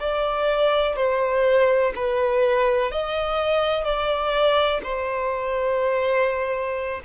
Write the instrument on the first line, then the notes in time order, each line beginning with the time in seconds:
violin
0.00 D5
0.96 C5
1.96 B4
2.92 D#5
3.84 D5
4.83 C5